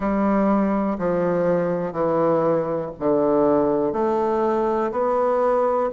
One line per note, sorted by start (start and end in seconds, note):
0.00 0.97 G3
0.98 1.92 F3
1.92 2.90 E3
2.99 3.93 D3
3.93 4.91 A3
4.91 5.90 B3